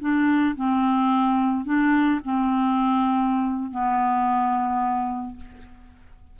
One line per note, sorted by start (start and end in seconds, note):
0.00 0.55 D4
0.56 1.65 C4
1.65 2.20 D4
2.24 3.71 C4
3.71 5.36 B3